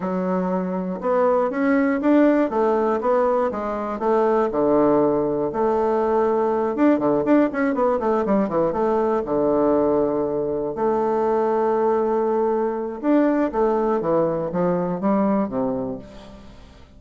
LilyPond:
\new Staff \with { instrumentName = "bassoon" } { \time 4/4 \tempo 4 = 120 fis2 b4 cis'4 | d'4 a4 b4 gis4 | a4 d2 a4~ | a4. d'8 d8 d'8 cis'8 b8 |
a8 g8 e8 a4 d4.~ | d4. a2~ a8~ | a2 d'4 a4 | e4 f4 g4 c4 | }